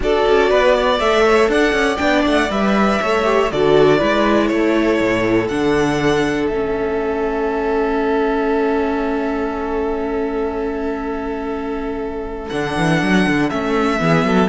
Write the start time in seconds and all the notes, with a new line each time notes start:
0.00 D4 F#4 A4 D5
0.27 C#4
0.50 B3 B4
0.74 D5
0.99 A3 A4 E5
1.25 C#5
1.48 D4 D5 F#5
1.72 C#4
1.96 B3 D4 G5
2.26 A3 F#5
2.49 G3 B4 E5
3.01 A3 A4 C#5
3.24 G4
3.51 D3 F#4 A4 D5
3.98 G#3 E4 B4
4.47 A3 A4 C#5
5.00 A2
5.48 D3 D4 F#5
6.46 A3 C#4 E5
12.49 D3 D4 F#5
12.76 E3
13.01 F#3
13.26 D3
13.49 A3 C#4 E5
13.98 E3 B3 G#4
14.23 F#3 A4